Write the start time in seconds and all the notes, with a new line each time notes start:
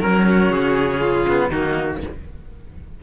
0.00 F#3 C#4 A#4
0.29 F#4
0.50 C#3 G#4
1.00 F4
1.27 B3
1.48 D#3 A#3 D#4 F#4